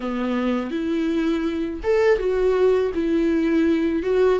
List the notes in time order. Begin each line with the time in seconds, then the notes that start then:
0.00 B3
0.70 E4
1.83 A4
2.18 F#4
2.94 E4
4.02 F#4